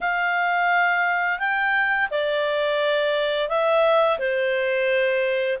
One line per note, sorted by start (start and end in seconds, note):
0.00 1.39 F5
1.39 2.09 G5
2.10 3.48 D5
3.48 4.18 E5
4.19 5.58 C5